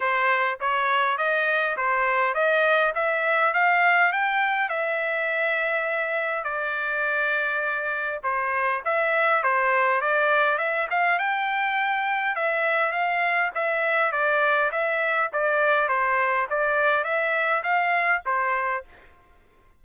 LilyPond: \new Staff \with { instrumentName = "trumpet" } { \time 4/4 \tempo 4 = 102 c''4 cis''4 dis''4 c''4 | dis''4 e''4 f''4 g''4 | e''2. d''4~ | d''2 c''4 e''4 |
c''4 d''4 e''8 f''8 g''4~ | g''4 e''4 f''4 e''4 | d''4 e''4 d''4 c''4 | d''4 e''4 f''4 c''4 | }